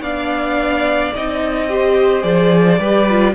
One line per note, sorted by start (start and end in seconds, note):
0.00 1.11 B3
0.00 1.14 D4
0.00 1.68 D5
0.00 1.13 F5
1.14 2.23 C4
1.14 1.69 D#4
1.14 2.22 D#5
1.69 2.22 G4
1.69 2.79 C5
2.22 2.79 F3
2.22 2.77 G#4
2.22 3.34 D5
2.79 3.34 G3
2.79 3.09 G4
2.79 3.34 B4
3.09 3.34 F4